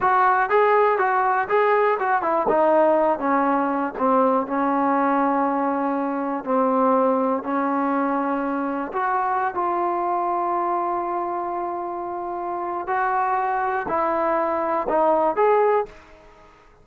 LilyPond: \new Staff \with { instrumentName = "trombone" } { \time 4/4 \tempo 4 = 121 fis'4 gis'4 fis'4 gis'4 | fis'8 e'8 dis'4. cis'4. | c'4 cis'2.~ | cis'4 c'2 cis'4~ |
cis'2 fis'4~ fis'16 f'8.~ | f'1~ | f'2 fis'2 | e'2 dis'4 gis'4 | }